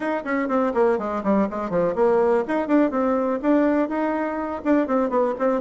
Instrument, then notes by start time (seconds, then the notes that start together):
bassoon
0.00 D#4
0.24 C#4
0.48 C4
0.74 A#3
0.98 G#3
1.23 G3
1.49 G#3
1.69 F3
1.95 A#3
2.47 D#4
2.67 D4
2.90 C4
3.41 D4
3.88 D#4
4.64 D4
4.87 C4
5.09 B3
5.38 C4